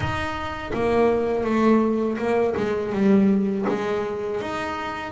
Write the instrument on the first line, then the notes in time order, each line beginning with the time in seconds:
double bass
0.00 D#4
0.73 A#3
1.44 A3
2.18 A#3
2.56 G#3
2.92 G3
3.68 G#3
4.40 D#4